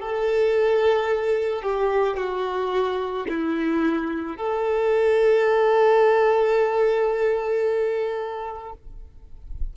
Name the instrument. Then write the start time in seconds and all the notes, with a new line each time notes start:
violin
0.00 A4
1.62 G4
2.17 F#4
3.29 E4
4.37 A4